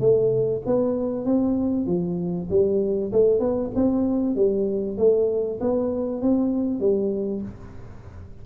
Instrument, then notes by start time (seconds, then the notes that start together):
tuba
0.00 A3
0.66 B3
1.25 C4
1.86 F3
2.50 G3
3.12 A3
3.39 B3
3.75 C4
4.36 G3
4.98 A3
5.60 B3
6.22 C4
6.80 G3